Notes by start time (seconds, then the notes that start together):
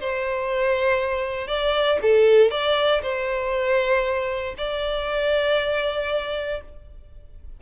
0.00 C5
1.48 D5
2.02 A4
2.51 D5
3.02 C5
4.58 D5